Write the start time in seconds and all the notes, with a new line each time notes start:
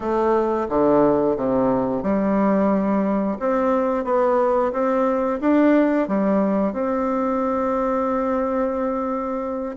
0.00 A3
0.69 D3
1.36 C3
2.02 G3
3.39 C4
4.04 B3
4.72 C4
5.41 D4
6.08 G3
6.72 C4